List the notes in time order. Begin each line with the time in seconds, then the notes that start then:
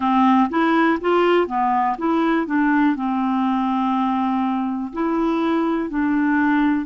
0.00 C4
0.49 E4
1.00 F4
1.47 B3
1.98 E4
2.46 D4
2.95 C4
4.92 E4
5.89 D4